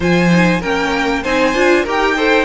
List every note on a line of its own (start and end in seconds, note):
0.00 0.62 F3
0.00 0.30 F4
0.00 0.60 C5
0.00 0.62 G#5
0.30 0.61 D#4
0.60 1.24 A#3
0.60 1.24 C#4
0.60 1.22 A#4
0.60 1.23 G5
1.22 1.54 C4
1.22 1.54 D#4
1.22 1.83 C5
1.22 1.85 G#5
1.54 1.85 D4
1.54 1.85 F4
1.83 2.44 D#4
1.83 2.16 G4
1.83 2.14 A#4
1.83 2.44 G5
2.16 2.44 A4
2.16 2.44 C5